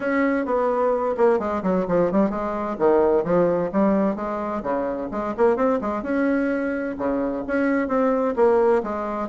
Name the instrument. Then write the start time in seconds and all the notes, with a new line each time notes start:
bassoon
0.00 C#4
0.45 B3
1.17 A#3
1.39 G#3
1.63 F#3
1.88 F3
2.11 G3
2.29 G#3
2.79 D#3
3.23 F3
3.72 G3
4.15 G#3
4.62 C#3
5.11 G#3
5.37 A#3
5.56 C4
5.81 G#3
6.02 C#4
6.98 C#3
7.47 C#4
7.88 C4
8.36 A#3
8.83 G#3